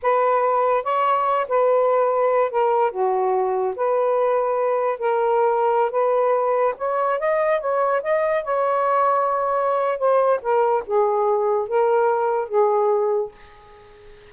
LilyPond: \new Staff \with { instrumentName = "saxophone" } { \time 4/4 \tempo 4 = 144 b'2 cis''4. b'8~ | b'2 ais'4 fis'4~ | fis'4 b'2. | ais'2~ ais'16 b'4.~ b'16~ |
b'16 cis''4 dis''4 cis''4 dis''8.~ | dis''16 cis''2.~ cis''8. | c''4 ais'4 gis'2 | ais'2 gis'2 | }